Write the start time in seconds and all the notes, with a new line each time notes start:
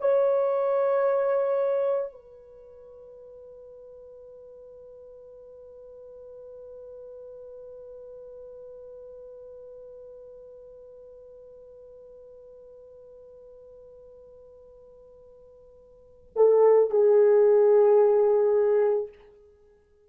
0.00 C#5
2.12 B4
16.35 A4
16.90 G#4